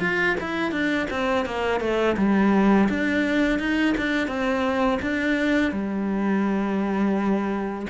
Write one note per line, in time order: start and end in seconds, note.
0.00 0.36 F4
0.40 0.71 E4
0.71 1.07 D4
1.10 1.45 C4
1.45 1.80 A#3
1.80 2.16 A3
2.17 2.88 G3
2.89 3.59 D4
3.59 3.95 D#4
3.98 4.27 D4
4.27 4.99 C4
5.02 5.72 D4
5.72 7.86 G3